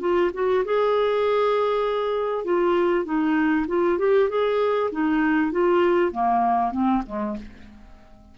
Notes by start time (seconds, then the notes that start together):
0.00 F4
0.33 F#4
0.65 G#4
2.44 F4
3.05 D#4
3.68 F4
3.99 G4
4.29 G#4
4.91 D#4
5.52 F4
6.12 A#3
6.72 C4
7.06 G#3